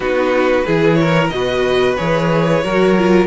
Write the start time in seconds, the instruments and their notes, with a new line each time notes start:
0.00 cello B3, viola D#4, violin F#4 B4
0.66 cello E3, viola E4, violin G#4
0.94 violin C#5
1.01 violin A#4
1.29 cello B2, viola F#4, violin B4 D#5
1.96 cello E3, viola G#4, violin C#5
2.63 cello F#3, viola F#4, violin A#4
2.97 viola F4